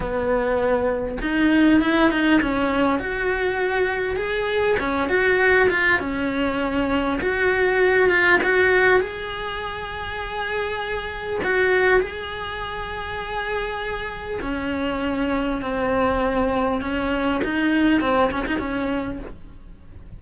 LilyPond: \new Staff \with { instrumentName = "cello" } { \time 4/4 \tempo 4 = 100 b2 dis'4 e'8 dis'8 | cis'4 fis'2 gis'4 | cis'8 fis'4 f'8 cis'2 | fis'4. f'8 fis'4 gis'4~ |
gis'2. fis'4 | gis'1 | cis'2 c'2 | cis'4 dis'4 c'8 cis'16 dis'16 cis'4 | }